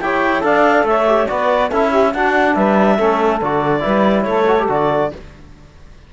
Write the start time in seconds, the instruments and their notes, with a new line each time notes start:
0.00 cello E4, trombone G4, saxophone C#5, clarinet G5
0.40 cello D4, trombone A4, saxophone D5, clarinet F5
0.83 cello A3, saxophone C#5, clarinet E5
1.07 trombone G4
1.28 cello B3, trombone F#4, saxophone B4, clarinet D5
1.69 cello C#4, trombone E4, saxophone A4, clarinet E5
1.89 saxophone G4
2.12 cello D4, trombone D4, saxophone F#4, clarinet F#5
2.55 cello G3, saxophone B4, clarinet E5
2.96 cello A3, trombone C#4, saxophone A4
3.41 cello D3, trombone F#4, clarinet D5
3.80 cello G3, trombone E4, saxophone B4
4.22 cello A3, saxophone A4, clarinet C#5
4.47 trombone F#4
4.59 trombone G4
4.69 cello D3, trombone F#4, clarinet D5